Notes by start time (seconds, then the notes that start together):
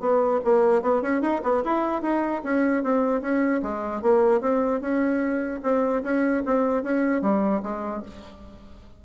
0.00 B3
0.44 A#3
0.82 B3
1.02 C#4
1.21 D#4
1.43 B3
1.64 E4
2.02 D#4
2.43 C#4
2.83 C4
3.21 C#4
3.62 G#3
4.02 A#3
4.41 C4
4.81 C#4
5.63 C4
6.03 C#4
6.45 C4
6.83 C#4
7.21 G3
7.63 G#3